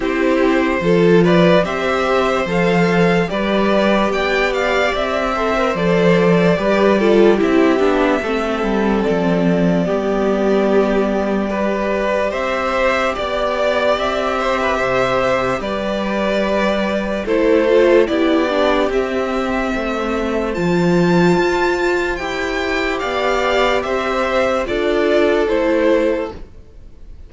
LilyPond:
<<
  \new Staff \with { instrumentName = "violin" } { \time 4/4 \tempo 4 = 73 c''4. d''8 e''4 f''4 | d''4 g''8 f''8 e''4 d''4~ | d''4 e''2 d''4~ | d''2. e''4 |
d''4 e''2 d''4~ | d''4 c''4 d''4 e''4~ | e''4 a''2 g''4 | f''4 e''4 d''4 c''4 | }
  \new Staff \with { instrumentName = "violin" } { \time 4/4 g'4 a'8 b'8 c''2 | b'4 d''4. c''4. | b'8 a'8 g'4 a'2 | g'2 b'4 c''4 |
d''4. c''16 b'16 c''4 b'4~ | b'4 a'4 g'2 | c''1 | d''4 c''4 a'2 | }
  \new Staff \with { instrumentName = "viola" } { \time 4/4 e'4 f'4 g'4 a'4 | g'2~ g'8 a'16 ais'16 a'4 | g'8 f'8 e'8 d'8 c'2 | b2 g'2~ |
g'1~ | g'4 e'8 f'8 e'8 d'8 c'4~ | c'4 f'2 g'4~ | g'2 f'4 e'4 | }
  \new Staff \with { instrumentName = "cello" } { \time 4/4 c'4 f4 c'4 f4 | g4 b4 c'4 f4 | g4 c'8 b8 a8 g8 f4 | g2. c'4 |
b4 c'4 c4 g4~ | g4 a4 b4 c'4 | a4 f4 f'4 e'4 | b4 c'4 d'4 a4 | }
>>